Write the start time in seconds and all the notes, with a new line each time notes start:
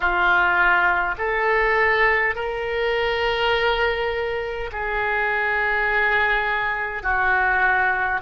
0.00 F4
1.18 A4
2.35 A#4
4.72 G#4
7.03 F#4